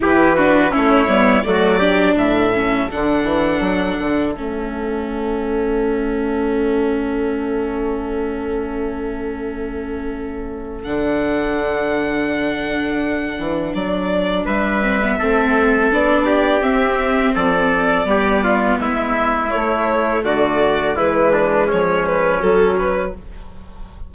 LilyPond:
<<
  \new Staff \with { instrumentName = "violin" } { \time 4/4 \tempo 4 = 83 b'4 cis''4 d''4 e''4 | fis''2 e''2~ | e''1~ | e''2. fis''4~ |
fis''2. d''4 | e''2 d''4 e''4 | d''2 e''4 cis''4 | d''4 b'4 cis''8 b'8 a'8 b'8 | }
  \new Staff \with { instrumentName = "trumpet" } { \time 4/4 g'8 fis'8 e'4 fis'8 g'8 a'4~ | a'1~ | a'1~ | a'1~ |
a'1 | b'4 a'4. g'4. | a'4 g'8 f'8 e'2 | fis'4 e'8 d'8 cis'2 | }
  \new Staff \with { instrumentName = "viola" } { \time 4/4 e'8 d'8 cis'8 b8 a8 d'4 cis'8 | d'2 cis'2~ | cis'1~ | cis'2. d'4~ |
d'1~ | d'8 c'16 b16 c'4 d'4 c'4~ | c'4 b2 a4~ | a4 gis2 fis4 | }
  \new Staff \with { instrumentName = "bassoon" } { \time 4/4 e4 a8 g8 fis4 a,4 | d8 e8 fis8 d8 a2~ | a1~ | a2. d4~ |
d2~ d8 e8 fis4 | g4 a4 b4 c'4 | f4 g4 gis4 a4 | d4 e4 f4 fis4 | }
>>